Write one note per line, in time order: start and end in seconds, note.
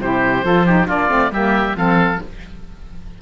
0.00 0.44 C3
0.00 0.43 E4
0.00 0.45 G4
0.00 0.88 C5
0.43 0.88 F3
0.43 0.65 F4
0.43 0.66 A4
0.66 0.87 D#4
0.66 0.87 G4
0.87 1.10 A#3
0.87 1.09 D4
0.87 1.30 F4
0.87 1.32 D5
1.09 1.31 A3
1.09 1.31 C4
1.31 1.74 G3
1.31 1.77 A#3
1.31 1.76 G4
1.31 1.77 E5
1.74 2.18 F3
1.74 2.20 C4
1.74 2.22 A4
1.74 2.21 F5